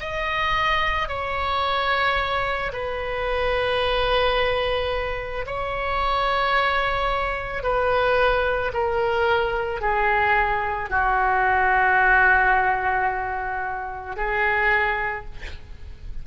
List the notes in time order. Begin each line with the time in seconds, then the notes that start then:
0.00 D#5
1.08 C#5
2.73 B4
5.46 C#5
7.63 B4
8.73 A#4
9.81 G#4
10.90 F#4
14.16 G#4